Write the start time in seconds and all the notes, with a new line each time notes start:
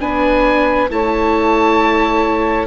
0.00 B3 D4 B4 G#5
0.90 A3 E4 C#5 A5